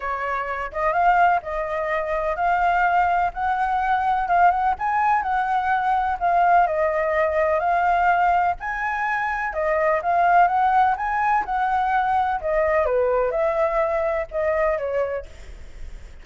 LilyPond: \new Staff \with { instrumentName = "flute" } { \time 4/4 \tempo 4 = 126 cis''4. dis''8 f''4 dis''4~ | dis''4 f''2 fis''4~ | fis''4 f''8 fis''8 gis''4 fis''4~ | fis''4 f''4 dis''2 |
f''2 gis''2 | dis''4 f''4 fis''4 gis''4 | fis''2 dis''4 b'4 | e''2 dis''4 cis''4 | }